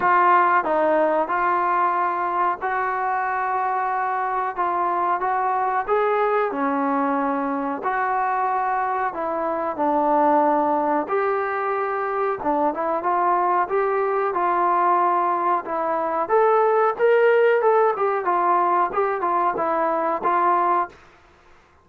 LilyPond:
\new Staff \with { instrumentName = "trombone" } { \time 4/4 \tempo 4 = 92 f'4 dis'4 f'2 | fis'2. f'4 | fis'4 gis'4 cis'2 | fis'2 e'4 d'4~ |
d'4 g'2 d'8 e'8 | f'4 g'4 f'2 | e'4 a'4 ais'4 a'8 g'8 | f'4 g'8 f'8 e'4 f'4 | }